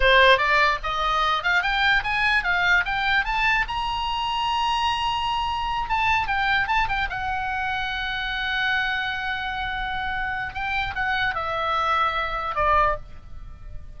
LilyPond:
\new Staff \with { instrumentName = "oboe" } { \time 4/4 \tempo 4 = 148 c''4 d''4 dis''4. f''8 | g''4 gis''4 f''4 g''4 | a''4 ais''2.~ | ais''2~ ais''8 a''4 g''8~ |
g''8 a''8 g''8 fis''2~ fis''8~ | fis''1~ | fis''2 g''4 fis''4 | e''2. d''4 | }